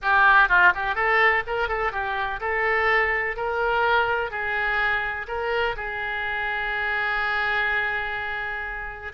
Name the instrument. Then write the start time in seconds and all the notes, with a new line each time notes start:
oboe
0.01 G4
0.48 F4
0.74 G4
0.95 A4
1.46 A#4
1.68 A4
1.92 G4
2.40 A4
3.36 A#4
4.30 G#4
5.27 A#4
5.76 G#4